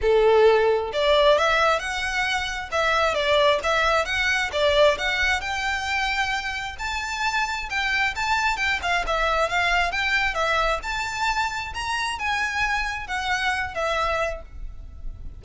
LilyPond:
\new Staff \with { instrumentName = "violin" } { \time 4/4 \tempo 4 = 133 a'2 d''4 e''4 | fis''2 e''4 d''4 | e''4 fis''4 d''4 fis''4 | g''2. a''4~ |
a''4 g''4 a''4 g''8 f''8 | e''4 f''4 g''4 e''4 | a''2 ais''4 gis''4~ | gis''4 fis''4. e''4. | }